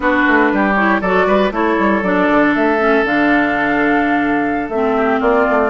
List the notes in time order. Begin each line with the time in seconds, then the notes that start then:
0.00 B3 D4 F#4 B4
0.27 A3
0.52 G3 G4
0.75 E4 C#5
1.01 F#3 F#4 A4 D5
1.26 G3 B4
1.51 A3 E4 A4 C#5
1.78 G3
2.02 F#3 D4 D5
2.30 D3
2.54 A3 E5
2.79 C#4
3.04 D3 D4 F5
4.68 A3 C4 E5
4.96 G4
5.20 A#3 F4 D5
5.49 A3